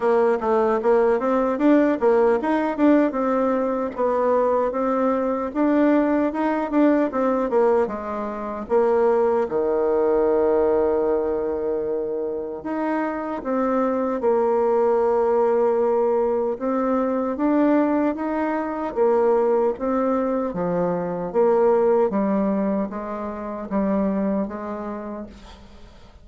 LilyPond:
\new Staff \with { instrumentName = "bassoon" } { \time 4/4 \tempo 4 = 76 ais8 a8 ais8 c'8 d'8 ais8 dis'8 d'8 | c'4 b4 c'4 d'4 | dis'8 d'8 c'8 ais8 gis4 ais4 | dis1 |
dis'4 c'4 ais2~ | ais4 c'4 d'4 dis'4 | ais4 c'4 f4 ais4 | g4 gis4 g4 gis4 | }